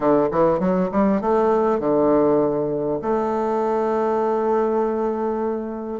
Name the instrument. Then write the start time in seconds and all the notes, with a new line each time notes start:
bassoon
0.00 D3
0.31 E3
0.59 F#3
0.91 G3
1.21 A3
1.79 D3
3.01 A3